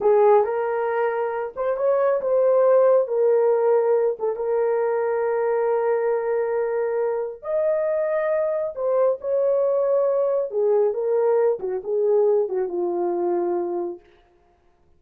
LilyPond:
\new Staff \with { instrumentName = "horn" } { \time 4/4 \tempo 4 = 137 gis'4 ais'2~ ais'8 c''8 | cis''4 c''2 ais'4~ | ais'4. a'8 ais'2~ | ais'1~ |
ais'4 dis''2. | c''4 cis''2. | gis'4 ais'4. fis'8 gis'4~ | gis'8 fis'8 f'2. | }